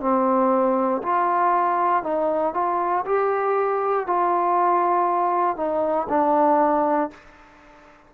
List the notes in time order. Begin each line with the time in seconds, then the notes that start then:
0.00 C4
1.02 F4
2.03 D#4
2.54 F4
3.05 G4
4.06 F4
5.56 D#4
6.09 D4